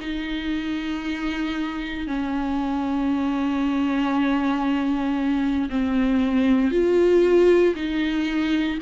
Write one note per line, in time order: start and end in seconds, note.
0.00 2.07 D#4
2.07 5.69 C#4
5.69 6.71 C4
6.71 7.74 F4
7.75 8.79 D#4